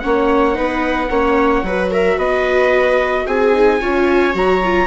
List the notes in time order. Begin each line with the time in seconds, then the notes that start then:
0.00 A#3 C#4 C#5 F#5
0.55 B3 D#4 B4
1.10 A#3 C#4 C#5
1.63 F#3 F#4 B4
1.91 A#4 E5
2.17 B3 B4 D#5
3.26 C4 G#4 G#5
3.53 D#4
3.81 C#4 F4 C#5
4.33 F#3 F#4 A#5
4.64 F4